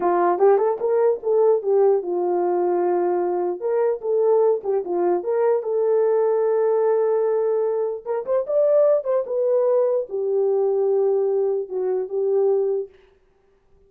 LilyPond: \new Staff \with { instrumentName = "horn" } { \time 4/4 \tempo 4 = 149 f'4 g'8 a'8 ais'4 a'4 | g'4 f'2.~ | f'4 ais'4 a'4. g'8 | f'4 ais'4 a'2~ |
a'1 | ais'8 c''8 d''4. c''8 b'4~ | b'4 g'2.~ | g'4 fis'4 g'2 | }